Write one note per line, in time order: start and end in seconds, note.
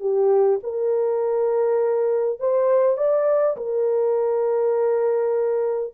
0.00 0.59 G4
0.63 2.39 A#4
2.39 2.97 C5
2.97 3.56 D5
3.56 5.94 A#4